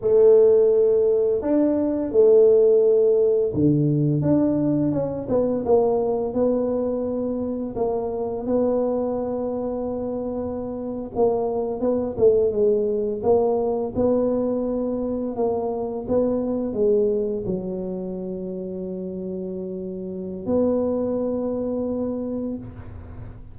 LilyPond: \new Staff \with { instrumentName = "tuba" } { \time 4/4 \tempo 4 = 85 a2 d'4 a4~ | a4 d4 d'4 cis'8 b8 | ais4 b2 ais4 | b2.~ b8. ais16~ |
ais8. b8 a8 gis4 ais4 b16~ | b4.~ b16 ais4 b4 gis16~ | gis8. fis2.~ fis16~ | fis4 b2. | }